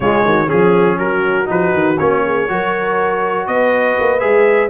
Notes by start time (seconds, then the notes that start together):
0.00 C#3 G#3 F4 C#5
0.25 D#3 F#4
0.46 F3 C#4 G#4
0.98 F#3 F#4 A#4
1.45 F3 D#4 B4
1.73 D#3
1.98 A#3 C#4 C#5
2.25 G#4
2.48 F#3 F#4 A#4
3.46 B3 B4 D#5
3.99 A#3
4.19 G#3 G#4 E5